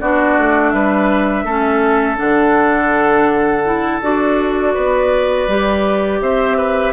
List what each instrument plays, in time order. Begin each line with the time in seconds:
0.00 bassoon B3, clarinet D4, oboe F#4, flute D5
0.37 bassoon A3
0.70 bassoon G3, oboe B4, flute E5
1.44 bassoon A3, clarinet C#4, oboe A4
2.17 bassoon D3, clarinet D4, flute F#5
3.65 clarinet E4
4.02 bassoon D4, clarinet F#4, flute D5
4.74 bassoon B3, oboe B4
5.48 bassoon G3, clarinet G4
6.21 bassoon C4, oboe C5, flute E5
6.57 oboe B4